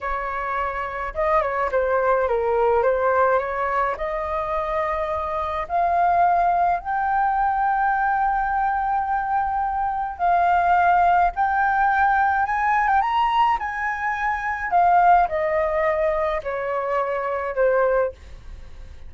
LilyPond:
\new Staff \with { instrumentName = "flute" } { \time 4/4 \tempo 4 = 106 cis''2 dis''8 cis''8 c''4 | ais'4 c''4 cis''4 dis''4~ | dis''2 f''2 | g''1~ |
g''2 f''2 | g''2 gis''8. g''16 ais''4 | gis''2 f''4 dis''4~ | dis''4 cis''2 c''4 | }